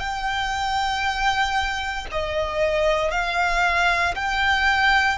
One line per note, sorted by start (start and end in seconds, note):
0.00 2.07 G5
2.12 3.11 D#5
3.11 4.15 F5
4.16 5.19 G5